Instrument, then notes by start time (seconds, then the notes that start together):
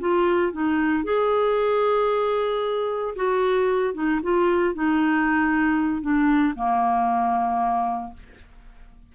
clarinet
0.00 F4
0.52 D#4
1.04 G#4
3.16 F#4
3.94 D#4
4.23 F4
4.74 D#4
6.01 D4
6.56 A#3